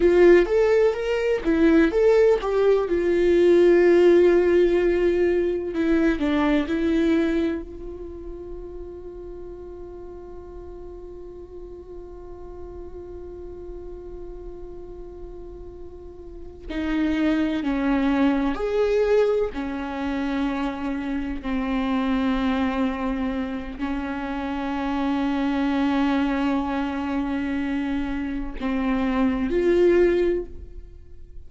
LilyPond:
\new Staff \with { instrumentName = "viola" } { \time 4/4 \tempo 4 = 63 f'8 a'8 ais'8 e'8 a'8 g'8 f'4~ | f'2 e'8 d'8 e'4 | f'1~ | f'1~ |
f'4. dis'4 cis'4 gis'8~ | gis'8 cis'2 c'4.~ | c'4 cis'2.~ | cis'2 c'4 f'4 | }